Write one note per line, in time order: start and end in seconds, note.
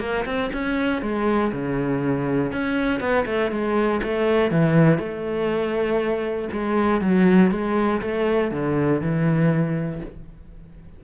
0.00 0.25 A#3
0.25 0.50 C4
0.53 1.02 C#4
1.02 1.52 G#3
1.52 2.52 C#3
2.52 3.00 C#4
3.00 3.25 B3
3.26 3.51 A3
3.51 4.01 G#3
4.03 4.51 A3
4.51 4.99 E3
4.99 6.49 A3
6.52 7.01 G#3
7.01 7.51 F#3
7.51 8.01 G#3
8.01 8.51 A3
8.51 9.01 D3
9.01 10.01 E3